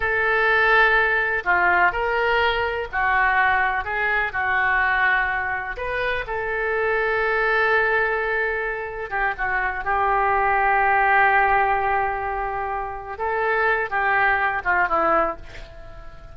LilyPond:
\new Staff \with { instrumentName = "oboe" } { \time 4/4 \tempo 4 = 125 a'2. f'4 | ais'2 fis'2 | gis'4 fis'2. | b'4 a'2.~ |
a'2. g'8 fis'8~ | fis'8 g'2.~ g'8~ | g'2.~ g'8 a'8~ | a'4 g'4. f'8 e'4 | }